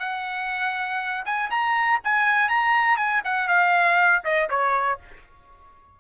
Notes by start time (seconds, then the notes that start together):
0.00 F#5
1.26 G#5
1.51 A#5
2.05 G#5
2.49 A#5
2.98 G#5
3.25 F#5
3.49 F5
4.25 D#5
4.50 C#5